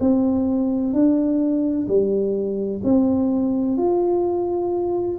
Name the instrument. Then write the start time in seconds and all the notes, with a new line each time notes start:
tuba
0.00 C4
0.93 D4
1.87 G3
2.84 C4
3.77 F4